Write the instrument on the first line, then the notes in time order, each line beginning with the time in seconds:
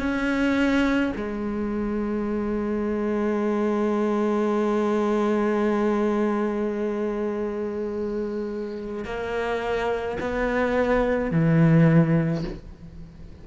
cello
0.00 C#4
1.16 G#3
9.05 A#3
10.20 B3
11.32 E3